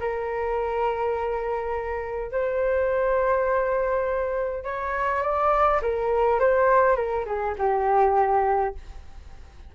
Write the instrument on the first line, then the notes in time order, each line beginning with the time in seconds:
flute
0.00 A#4
2.32 C5
4.64 C#5
5.23 D5
5.82 A#4
6.40 C5
6.96 A#4
7.26 G#4
7.59 G4